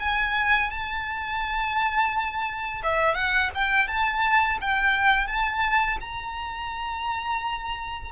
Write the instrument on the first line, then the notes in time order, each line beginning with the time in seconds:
violin
0.00 G#5
0.70 A5
2.83 E5
3.15 F#5
3.55 G5
3.88 A5
4.61 G5
5.27 A5
6.01 A#5